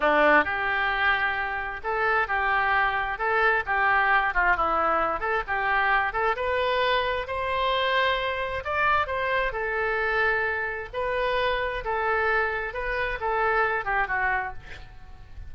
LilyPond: \new Staff \with { instrumentName = "oboe" } { \time 4/4 \tempo 4 = 132 d'4 g'2. | a'4 g'2 a'4 | g'4. f'8 e'4. a'8 | g'4. a'8 b'2 |
c''2. d''4 | c''4 a'2. | b'2 a'2 | b'4 a'4. g'8 fis'4 | }